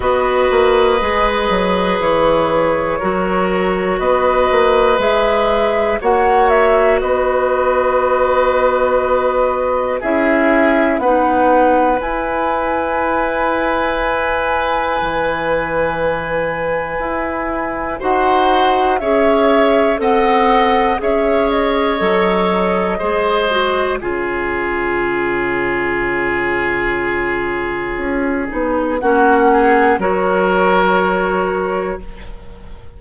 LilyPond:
<<
  \new Staff \with { instrumentName = "flute" } { \time 4/4 \tempo 4 = 60 dis''2 cis''2 | dis''4 e''4 fis''8 e''8 dis''4~ | dis''2 e''4 fis''4 | gis''1~ |
gis''2 fis''4 e''4 | fis''4 e''8 dis''2~ dis''8 | cis''1~ | cis''4 fis''4 cis''2 | }
  \new Staff \with { instrumentName = "oboe" } { \time 4/4 b'2. ais'4 | b'2 cis''4 b'4~ | b'2 gis'4 b'4~ | b'1~ |
b'2 c''4 cis''4 | dis''4 cis''2 c''4 | gis'1~ | gis'4 fis'8 gis'8 ais'2 | }
  \new Staff \with { instrumentName = "clarinet" } { \time 4/4 fis'4 gis'2 fis'4~ | fis'4 gis'4 fis'2~ | fis'2 e'4 dis'4 | e'1~ |
e'2 fis'4 gis'4 | a'4 gis'4 a'4 gis'8 fis'8 | f'1~ | f'8 dis'8 cis'4 fis'2 | }
  \new Staff \with { instrumentName = "bassoon" } { \time 4/4 b8 ais8 gis8 fis8 e4 fis4 | b8 ais8 gis4 ais4 b4~ | b2 cis'4 b4 | e'2. e4~ |
e4 e'4 dis'4 cis'4 | c'4 cis'4 fis4 gis4 | cis1 | cis'8 b8 ais4 fis2 | }
>>